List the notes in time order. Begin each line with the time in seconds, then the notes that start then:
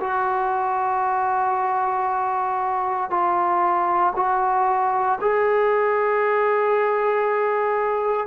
0.00 F#4
3.10 F4
4.15 F#4
5.21 G#4